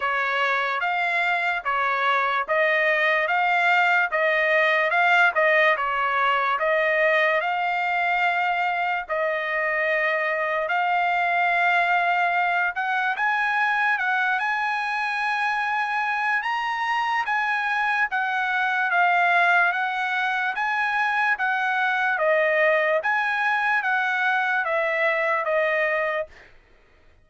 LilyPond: \new Staff \with { instrumentName = "trumpet" } { \time 4/4 \tempo 4 = 73 cis''4 f''4 cis''4 dis''4 | f''4 dis''4 f''8 dis''8 cis''4 | dis''4 f''2 dis''4~ | dis''4 f''2~ f''8 fis''8 |
gis''4 fis''8 gis''2~ gis''8 | ais''4 gis''4 fis''4 f''4 | fis''4 gis''4 fis''4 dis''4 | gis''4 fis''4 e''4 dis''4 | }